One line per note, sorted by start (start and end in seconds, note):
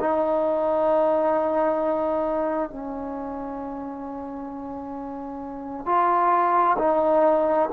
0.00 2.70 D#4
2.70 5.86 C#4
5.86 6.77 F4
6.79 7.70 D#4